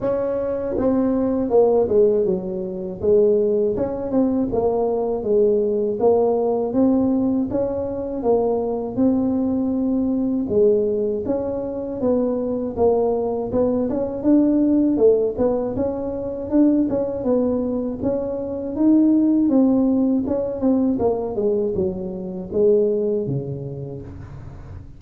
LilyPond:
\new Staff \with { instrumentName = "tuba" } { \time 4/4 \tempo 4 = 80 cis'4 c'4 ais8 gis8 fis4 | gis4 cis'8 c'8 ais4 gis4 | ais4 c'4 cis'4 ais4 | c'2 gis4 cis'4 |
b4 ais4 b8 cis'8 d'4 | a8 b8 cis'4 d'8 cis'8 b4 | cis'4 dis'4 c'4 cis'8 c'8 | ais8 gis8 fis4 gis4 cis4 | }